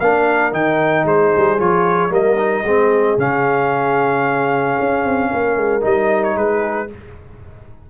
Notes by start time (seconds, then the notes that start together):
0.00 A#3 D4 A#4 F5
0.52 D#3 D#4 G5
1.05 G#3 G#4 C5
1.37 G3
1.59 F3 F4 C#5
2.10 G3 A#3 A#4 D#5
2.38 D#4
2.64 G#3 C4 G#4
3.18 C#3 C#4 F5
4.80 C#4
5.05 C4
5.31 A#3 A#4
5.57 G#3
5.82 G3 D#4 D#5
6.24 C#5
6.36 G#3 G#4 B4